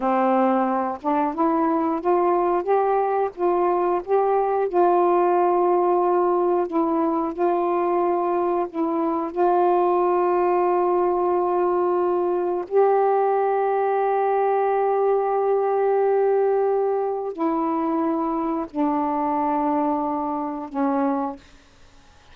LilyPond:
\new Staff \with { instrumentName = "saxophone" } { \time 4/4 \tempo 4 = 90 c'4. d'8 e'4 f'4 | g'4 f'4 g'4 f'4~ | f'2 e'4 f'4~ | f'4 e'4 f'2~ |
f'2. g'4~ | g'1~ | g'2 e'2 | d'2. cis'4 | }